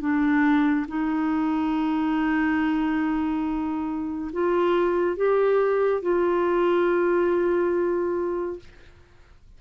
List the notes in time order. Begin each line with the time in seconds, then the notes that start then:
0.00 D4
0.88 D#4
4.33 F4
5.16 G4
6.02 F4